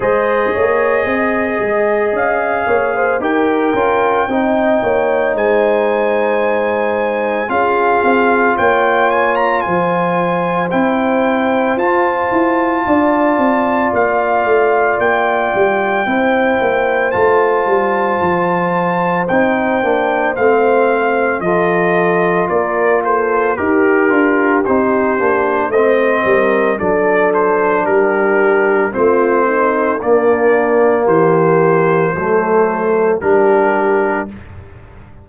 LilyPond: <<
  \new Staff \with { instrumentName = "trumpet" } { \time 4/4 \tempo 4 = 56 dis''2 f''4 g''4~ | g''4 gis''2 f''4 | g''8 gis''16 ais''16 gis''4 g''4 a''4~ | a''4 f''4 g''2 |
a''2 g''4 f''4 | dis''4 d''8 c''8 ais'4 c''4 | dis''4 d''8 c''8 ais'4 c''4 | d''4 c''2 ais'4 | }
  \new Staff \with { instrumentName = "horn" } { \time 4/4 c''8 cis''8 dis''4. cis''16 c''16 ais'4 | dis''8 cis''8 c''2 gis'4 | cis''4 c''2. | d''2. c''4~ |
c''1 | a'4 ais'8 a'8 g'2 | c''8 ais'8 a'4 g'4 f'8 dis'8 | d'4 g'4 a'4 g'4 | }
  \new Staff \with { instrumentName = "trombone" } { \time 4/4 gis'2. g'8 f'8 | dis'2. f'4~ | f'2 e'4 f'4~ | f'2. e'4 |
f'2 dis'8 d'8 c'4 | f'2 g'8 f'8 dis'8 d'8 | c'4 d'2 c'4 | ais2 a4 d'4 | }
  \new Staff \with { instrumentName = "tuba" } { \time 4/4 gis8 ais8 c'8 gis8 cis'8 ais8 dis'8 cis'8 | c'8 ais8 gis2 cis'8 c'8 | ais4 f4 c'4 f'8 e'8 | d'8 c'8 ais8 a8 ais8 g8 c'8 ais8 |
a8 g8 f4 c'8 ais8 a4 | f4 ais4 dis'8 d'8 c'8 ais8 | a8 g8 fis4 g4 a4 | ais4 e4 fis4 g4 | }
>>